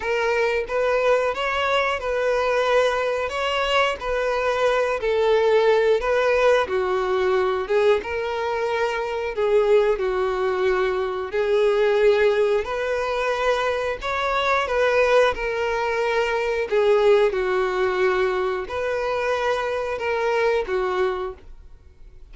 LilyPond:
\new Staff \with { instrumentName = "violin" } { \time 4/4 \tempo 4 = 90 ais'4 b'4 cis''4 b'4~ | b'4 cis''4 b'4. a'8~ | a'4 b'4 fis'4. gis'8 | ais'2 gis'4 fis'4~ |
fis'4 gis'2 b'4~ | b'4 cis''4 b'4 ais'4~ | ais'4 gis'4 fis'2 | b'2 ais'4 fis'4 | }